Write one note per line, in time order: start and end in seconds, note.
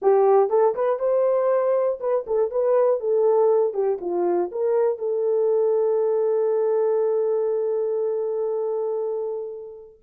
0.02 0.49 G4
0.49 0.74 A4
0.75 0.99 B4
0.99 1.99 C5
2.00 2.25 B4
2.27 2.50 A4
2.50 3.00 B4
3.00 3.73 A4
3.73 3.98 G4
4.00 4.50 F4
4.51 4.98 A#4
4.98 9.98 A4